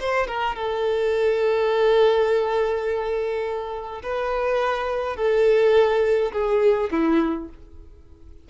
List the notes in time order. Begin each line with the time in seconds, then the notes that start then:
0.00 C5
0.28 A#4
0.56 A4
4.03 B4
5.17 A4
6.33 G#4
6.92 E4